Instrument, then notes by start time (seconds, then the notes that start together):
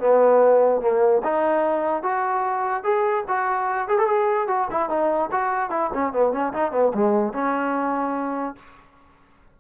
trombone
0.00 B3
0.81 A#3
1.24 D#4
2.03 F#4
2.84 G#4
3.28 F#4
3.88 G#4
3.99 A4
4.07 G#4
4.48 F#4
4.71 E4
4.89 D#4
5.32 F#4
5.70 E4
5.94 C#4
6.13 B3
6.32 C#4
6.53 D#4
6.71 B3
6.94 G#3
7.33 C#4